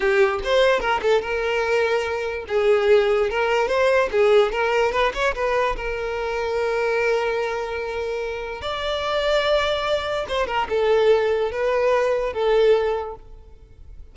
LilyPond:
\new Staff \with { instrumentName = "violin" } { \time 4/4 \tempo 4 = 146 g'4 c''4 ais'8 a'8 ais'4~ | ais'2 gis'2 | ais'4 c''4 gis'4 ais'4 | b'8 cis''8 b'4 ais'2~ |
ais'1~ | ais'4 d''2.~ | d''4 c''8 ais'8 a'2 | b'2 a'2 | }